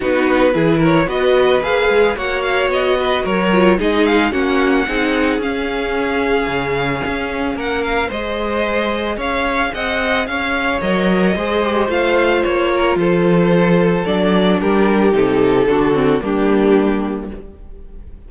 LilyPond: <<
  \new Staff \with { instrumentName = "violin" } { \time 4/4 \tempo 4 = 111 b'4. cis''8 dis''4 f''4 | fis''8 f''8 dis''4 cis''4 dis''8 f''8 | fis''2 f''2~ | f''2 fis''8 f''8 dis''4~ |
dis''4 f''4 fis''4 f''4 | dis''2 f''4 cis''4 | c''2 d''4 ais'4 | a'2 g'2 | }
  \new Staff \with { instrumentName = "violin" } { \time 4/4 fis'4 gis'8 ais'8 b'2 | cis''4. b'8 ais'4 gis'4 | fis'4 gis'2.~ | gis'2 ais'4 c''4~ |
c''4 cis''4 dis''4 cis''4~ | cis''4 c''2~ c''8 ais'8 | a'2. g'4~ | g'4 fis'4 d'2 | }
  \new Staff \with { instrumentName = "viola" } { \time 4/4 dis'4 e'4 fis'4 gis'4 | fis'2~ fis'8 f'8 dis'4 | cis'4 dis'4 cis'2~ | cis'2. gis'4~ |
gis'1 | ais'4 gis'8 g'8 f'2~ | f'2 d'2 | dis'4 d'8 c'8 ais2 | }
  \new Staff \with { instrumentName = "cello" } { \time 4/4 b4 e4 b4 ais8 gis8 | ais4 b4 fis4 gis4 | ais4 c'4 cis'2 | cis4 cis'4 ais4 gis4~ |
gis4 cis'4 c'4 cis'4 | fis4 gis4 a4 ais4 | f2 fis4 g4 | c4 d4 g2 | }
>>